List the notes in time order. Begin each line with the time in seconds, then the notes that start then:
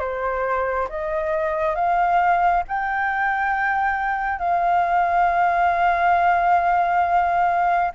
0.00 C5
0.89 D#5
1.75 F5
2.68 G5
4.39 F5